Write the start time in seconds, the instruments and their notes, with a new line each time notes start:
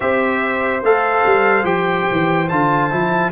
0.00 tuba C4, trombone G4, horn C5, trumpet E5
0.82 tuba A3, trombone A4, trumpet F5
1.25 tuba G3
1.63 tuba F3, trombone G4, trumpet G5
2.11 tuba E3
2.48 tuba D3, trombone F4, trumpet A5
2.90 tuba F3, trombone E4